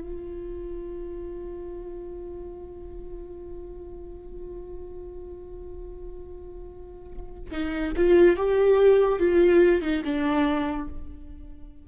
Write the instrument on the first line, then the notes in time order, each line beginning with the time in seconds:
viola
0.00 F4
7.50 D#4
7.96 F4
8.36 G4
9.19 F4
9.81 D#4
10.04 D4